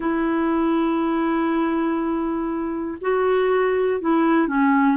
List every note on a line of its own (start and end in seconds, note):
0.00 2.97 E4
3.00 4.00 F#4
4.00 4.47 E4
4.47 4.97 C#4